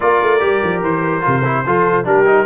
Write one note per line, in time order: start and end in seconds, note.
0.00 0.21 A#3
0.00 0.39 F4
0.00 1.65 A#4
0.00 0.82 D5
0.21 0.41 A3
0.39 0.62 G3
0.39 1.21 G4
0.63 0.82 F3
0.82 1.23 E3
0.82 2.06 C5
1.21 1.65 C3
1.21 1.42 F4
1.44 1.65 E4
1.65 2.04 F3
1.65 2.04 F4
1.65 2.06 A4
2.04 2.46 G3
2.04 2.25 D4
2.04 2.46 G4
2.04 2.46 A#4
2.26 2.46 D#4